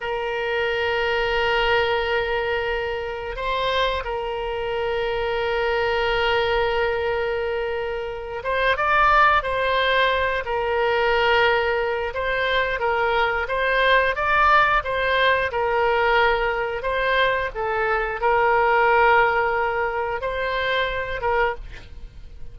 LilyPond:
\new Staff \with { instrumentName = "oboe" } { \time 4/4 \tempo 4 = 89 ais'1~ | ais'4 c''4 ais'2~ | ais'1~ | ais'8 c''8 d''4 c''4. ais'8~ |
ais'2 c''4 ais'4 | c''4 d''4 c''4 ais'4~ | ais'4 c''4 a'4 ais'4~ | ais'2 c''4. ais'8 | }